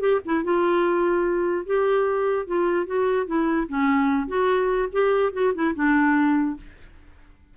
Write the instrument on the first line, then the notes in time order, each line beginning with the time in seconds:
clarinet
0.00 G4
0.25 E4
0.44 F4
1.66 G4
2.47 F4
2.86 F#4
3.27 E4
3.69 C#4
4.28 F#4
4.92 G4
5.33 F#4
5.55 E4
5.75 D4